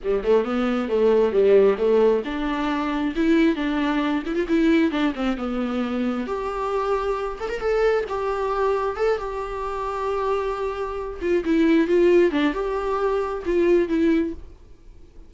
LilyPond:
\new Staff \with { instrumentName = "viola" } { \time 4/4 \tempo 4 = 134 g8 a8 b4 a4 g4 | a4 d'2 e'4 | d'4. e'16 f'16 e'4 d'8 c'8 | b2 g'2~ |
g'8 a'16 ais'16 a'4 g'2 | a'8 g'2.~ g'8~ | g'4 f'8 e'4 f'4 d'8 | g'2 f'4 e'4 | }